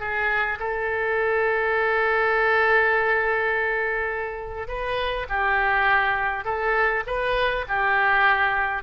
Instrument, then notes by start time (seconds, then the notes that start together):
oboe
0.00 G#4
0.60 A4
4.68 B4
5.29 G4
6.45 A4
7.07 B4
7.68 G4